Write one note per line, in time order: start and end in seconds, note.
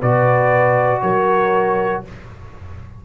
0.00 1.03 B2
0.00 2.05 F#4
0.00 1.02 B4
0.00 1.01 D5
1.01 2.05 F#3
1.01 2.04 A#4
1.01 2.03 C#5